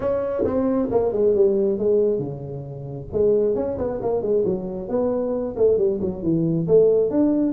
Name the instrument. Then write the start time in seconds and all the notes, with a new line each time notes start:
tuba
0.00 C#4
0.44 C4
0.91 A#3
1.12 G#3
1.34 G3
1.78 G#3
2.18 C#3
3.12 G#3
3.55 C#4
3.78 B3
4.01 A#3
4.22 G#3
4.45 F#3
4.88 B3
5.56 A3
5.77 G3
6.01 F#3
6.22 E3
6.67 A3
7.10 D4